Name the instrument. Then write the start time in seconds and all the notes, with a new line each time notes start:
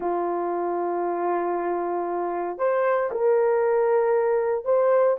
horn
0.00 F4
2.58 C5
3.11 A#4
4.65 C5